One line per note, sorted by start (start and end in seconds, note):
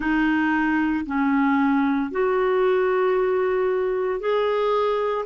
0.00 1.05 D#4
1.05 2.11 C#4
2.11 4.20 F#4
4.20 5.25 G#4